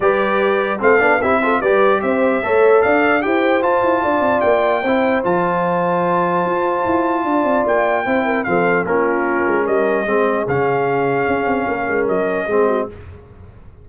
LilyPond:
<<
  \new Staff \with { instrumentName = "trumpet" } { \time 4/4 \tempo 4 = 149 d''2 f''4 e''4 | d''4 e''2 f''4 | g''4 a''2 g''4~ | g''4 a''2.~ |
a''2. g''4~ | g''4 f''4 ais'2 | dis''2 f''2~ | f''2 dis''2 | }
  \new Staff \with { instrumentName = "horn" } { \time 4/4 b'2 a'4 g'8 a'8 | b'4 c''4 cis''4 d''4 | c''2 d''2 | c''1~ |
c''2 d''2 | c''8 ais'8 a'4 f'2 | ais'4 gis'2.~ | gis'4 ais'2 gis'8 fis'8 | }
  \new Staff \with { instrumentName = "trombone" } { \time 4/4 g'2 c'8 d'8 e'8 f'8 | g'2 a'2 | g'4 f'2. | e'4 f'2.~ |
f'1 | e'4 c'4 cis'2~ | cis'4 c'4 cis'2~ | cis'2. c'4 | }
  \new Staff \with { instrumentName = "tuba" } { \time 4/4 g2 a8 b8 c'4 | g4 c'4 a4 d'4 | e'4 f'8 e'8 d'8 c'8 ais4 | c'4 f2. |
f'4 e'4 d'8 c'8 ais4 | c'4 f4 ais4. gis8 | g4 gis4 cis2 | cis'8 c'8 ais8 gis8 fis4 gis4 | }
>>